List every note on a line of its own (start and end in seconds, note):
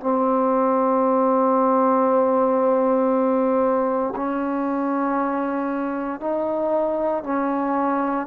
0.00 4.14 C4
4.16 6.21 C#4
6.21 7.24 D#4
7.24 8.27 C#4